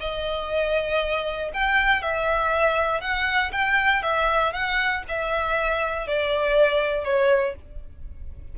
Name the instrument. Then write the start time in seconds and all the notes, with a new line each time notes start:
violin
0.00 D#5
1.54 G5
2.02 E5
3.01 F#5
3.52 G5
4.03 E5
4.53 F#5
5.09 E5
6.07 D5
7.05 C#5